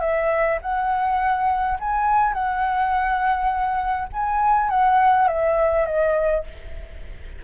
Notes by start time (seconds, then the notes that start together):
0.00 E5
0.61 F#5
1.79 G#5
2.33 F#5
4.12 G#5
4.69 F#5
5.27 E5
5.86 D#5